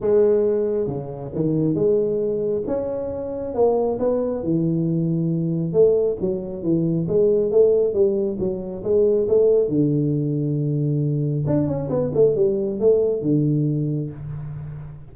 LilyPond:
\new Staff \with { instrumentName = "tuba" } { \time 4/4 \tempo 4 = 136 gis2 cis4 dis4 | gis2 cis'2 | ais4 b4 e2~ | e4 a4 fis4 e4 |
gis4 a4 g4 fis4 | gis4 a4 d2~ | d2 d'8 cis'8 b8 a8 | g4 a4 d2 | }